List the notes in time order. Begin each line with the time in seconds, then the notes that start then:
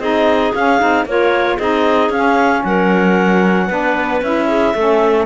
0.00 C4 D#4 G#4 D#5
0.55 C#4 F5
0.80 C4 D#4
1.06 A#3 F4 A#4 C#5
1.57 C4 D#4 G#4 D#5
2.10 C#4 F5
2.64 F#3 A#4 F#5
3.67 B3 D4 B4
4.22 C#4 E4 E5
4.48 G#4
4.75 A3 C#4 A4